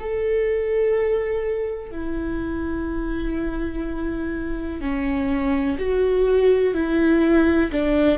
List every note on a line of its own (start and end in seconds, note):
0.00 1.91 A4
1.91 4.81 E4
4.81 5.78 C#4
5.79 6.74 F#4
6.74 7.71 E4
7.72 8.19 D4